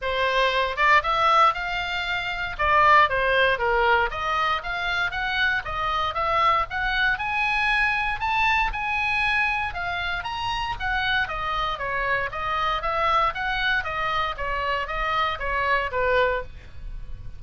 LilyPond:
\new Staff \with { instrumentName = "oboe" } { \time 4/4 \tempo 4 = 117 c''4. d''8 e''4 f''4~ | f''4 d''4 c''4 ais'4 | dis''4 f''4 fis''4 dis''4 | e''4 fis''4 gis''2 |
a''4 gis''2 f''4 | ais''4 fis''4 dis''4 cis''4 | dis''4 e''4 fis''4 dis''4 | cis''4 dis''4 cis''4 b'4 | }